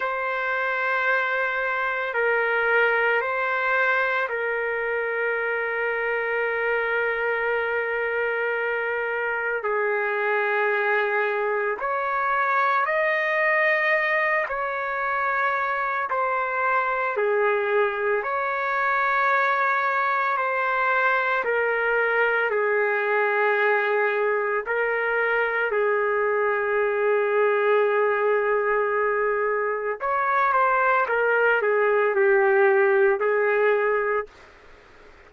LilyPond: \new Staff \with { instrumentName = "trumpet" } { \time 4/4 \tempo 4 = 56 c''2 ais'4 c''4 | ais'1~ | ais'4 gis'2 cis''4 | dis''4. cis''4. c''4 |
gis'4 cis''2 c''4 | ais'4 gis'2 ais'4 | gis'1 | cis''8 c''8 ais'8 gis'8 g'4 gis'4 | }